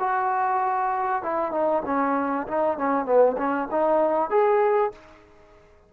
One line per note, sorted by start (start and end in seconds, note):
0.00 1.23 F#4
1.23 1.52 E4
1.52 1.83 D#4
1.86 2.47 C#4
2.48 2.78 D#4
2.78 3.06 C#4
3.06 3.37 B3
3.38 3.69 C#4
3.71 4.30 D#4
4.30 4.92 G#4